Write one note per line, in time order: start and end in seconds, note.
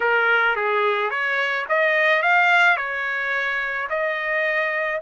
0.00 0.56 A#4
0.56 1.10 G#4
1.10 1.65 C#5
1.68 2.22 D#5
2.22 2.77 F5
2.77 3.88 C#5
3.89 5.01 D#5